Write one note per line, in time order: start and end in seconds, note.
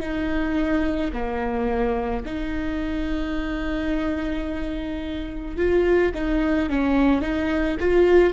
0.00 1.11 D#4
1.12 2.23 A#3
2.25 5.57 D#4
5.57 6.12 F4
6.14 6.69 D#4
6.69 7.21 C#4
7.21 7.77 D#4
7.79 8.33 F4